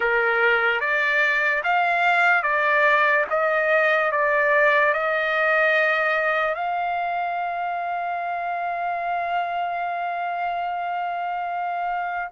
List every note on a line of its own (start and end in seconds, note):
0.00 0.80 A#4
0.80 1.62 D5
1.63 2.42 F5
2.42 3.25 D5
3.30 4.11 D#5
4.11 4.93 D5
4.93 6.55 D#5
6.55 12.30 F5